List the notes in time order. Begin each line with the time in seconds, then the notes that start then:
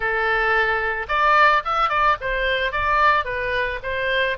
0.00 A4
1.08 D5
1.65 E5
1.89 D5
2.20 C5
2.71 D5
3.25 B4
3.83 C5